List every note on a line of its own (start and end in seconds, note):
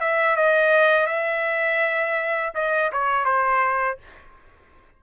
0.00 0.36 E5
0.36 1.06 D#5
1.06 2.52 E5
2.54 2.91 D#5
2.92 3.25 C#5
3.25 3.98 C5